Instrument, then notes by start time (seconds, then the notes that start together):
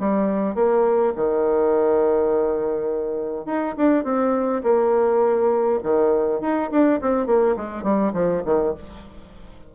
bassoon
0.00 G3
0.55 A#3
1.16 D#3
3.46 D#4
3.78 D4
4.04 C4
4.63 A#3
5.83 D#3
6.41 D#4
6.71 D4
7.01 C4
7.27 A#3
7.57 G#3
7.83 G3
8.14 F3
8.45 D#3